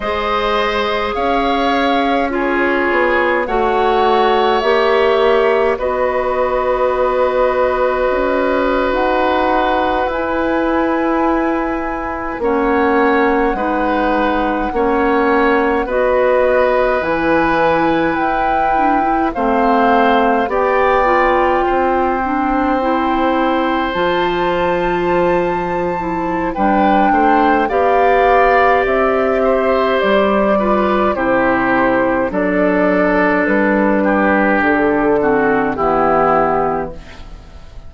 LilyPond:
<<
  \new Staff \with { instrumentName = "flute" } { \time 4/4 \tempo 4 = 52 dis''4 f''4 cis''4 fis''4 | e''4 dis''2~ dis''8. fis''16~ | fis''8. gis''2 fis''4~ fis''16~ | fis''4.~ fis''16 dis''4 gis''4 g''16~ |
g''8. f''4 g''2~ g''16~ | g''8. a''2~ a''16 g''4 | f''4 e''4 d''4 c''4 | d''4 b'4 a'4 g'4 | }
  \new Staff \with { instrumentName = "oboe" } { \time 4/4 c''4 cis''4 gis'4 cis''4~ | cis''4 b'2.~ | b'2~ b'8. cis''4 b'16~ | b'8. cis''4 b'2~ b'16~ |
b'8. c''4 d''4 c''4~ c''16~ | c''2. b'8 c''8 | d''4. c''4 b'8 g'4 | a'4. g'4 fis'8 e'4 | }
  \new Staff \with { instrumentName = "clarinet" } { \time 4/4 gis'2 f'4 fis'4 | g'4 fis'2.~ | fis'8. e'2 cis'4 dis'16~ | dis'8. cis'4 fis'4 e'4~ e'16~ |
e'16 d'16 e'16 c'4 g'8 f'4 d'8 e'16~ | e'8. f'4.~ f'16 e'8 d'4 | g'2~ g'8 f'8 e'4 | d'2~ d'8 c'8 b4 | }
  \new Staff \with { instrumentName = "bassoon" } { \time 4/4 gis4 cis'4. b8 a4 | ais4 b2 cis'8. dis'16~ | dis'8. e'2 ais4 gis16~ | gis8. ais4 b4 e4 e'16~ |
e'8. a4 b4 c'4~ c'16~ | c'8. f2~ f16 g8 a8 | b4 c'4 g4 c4 | fis4 g4 d4 e4 | }
>>